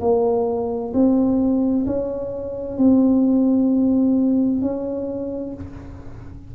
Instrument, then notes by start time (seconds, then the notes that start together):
tuba
0.00 A#3
0.93 C4
1.86 C#4
2.77 C4
4.62 C#4